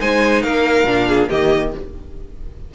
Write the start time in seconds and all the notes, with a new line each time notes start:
0.00 G#3 D#4 C5 G#5
0.42 A#3 A#4 F5
0.84 A#2 D4
1.08 G#4
1.29 D#3 A#3 G4 D#5